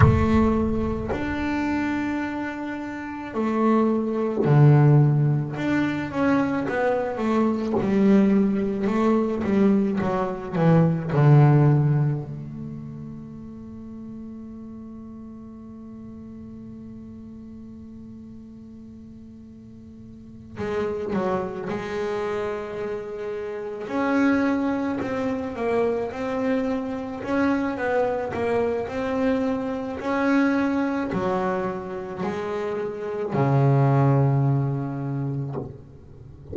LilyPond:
\new Staff \with { instrumentName = "double bass" } { \time 4/4 \tempo 4 = 54 a4 d'2 a4 | d4 d'8 cis'8 b8 a8 g4 | a8 g8 fis8 e8 d4 a4~ | a1~ |
a2~ a8 gis8 fis8 gis8~ | gis4. cis'4 c'8 ais8 c'8~ | c'8 cis'8 b8 ais8 c'4 cis'4 | fis4 gis4 cis2 | }